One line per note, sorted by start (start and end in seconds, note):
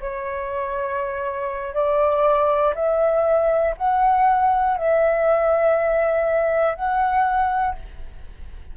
0.00 1.74 C#5
1.74 2.74 D5
2.75 3.75 E5
3.77 4.77 F#5
4.77 6.75 E5
6.75 7.75 F#5